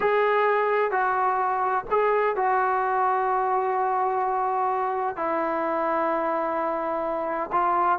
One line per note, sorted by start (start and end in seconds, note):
0.00 0.91 G#4
0.91 1.84 F#4
1.90 2.36 G#4
2.36 5.16 F#4
5.16 7.50 E4
7.52 7.98 F4